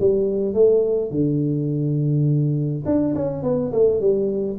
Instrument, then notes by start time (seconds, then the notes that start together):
tuba
0.00 G3
0.54 A3
1.11 D3
2.86 D4
3.15 C#4
3.43 B3
3.73 A3
4.01 G3